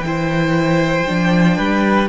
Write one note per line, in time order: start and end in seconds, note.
0.00 1.03 E3
0.00 1.07 E4
0.00 2.08 G5
0.07 1.58 C5
1.07 1.58 F3
1.07 2.09 D4
1.58 2.09 G3
1.58 2.09 B4